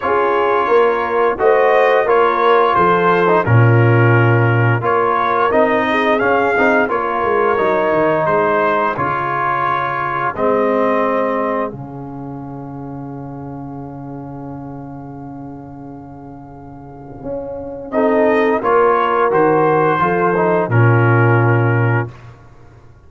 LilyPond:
<<
  \new Staff \with { instrumentName = "trumpet" } { \time 4/4 \tempo 4 = 87 cis''2 dis''4 cis''4 | c''4 ais'2 cis''4 | dis''4 f''4 cis''2 | c''4 cis''2 dis''4~ |
dis''4 f''2.~ | f''1~ | f''2 dis''4 cis''4 | c''2 ais'2 | }
  \new Staff \with { instrumentName = "horn" } { \time 4/4 gis'4 ais'4 c''4 ais'4 | a'4 f'2 ais'4~ | ais'8 gis'4. ais'2 | gis'1~ |
gis'1~ | gis'1~ | gis'2 a'4 ais'4~ | ais'4 a'4 f'2 | }
  \new Staff \with { instrumentName = "trombone" } { \time 4/4 f'2 fis'4 f'4~ | f'8. dis'16 cis'2 f'4 | dis'4 cis'8 dis'8 f'4 dis'4~ | dis'4 f'2 c'4~ |
c'4 cis'2.~ | cis'1~ | cis'2 dis'4 f'4 | fis'4 f'8 dis'8 cis'2 | }
  \new Staff \with { instrumentName = "tuba" } { \time 4/4 cis'4 ais4 a4 ais4 | f4 ais,2 ais4 | c'4 cis'8 c'8 ais8 gis8 fis8 dis8 | gis4 cis2 gis4~ |
gis4 cis2.~ | cis1~ | cis4 cis'4 c'4 ais4 | dis4 f4 ais,2 | }
>>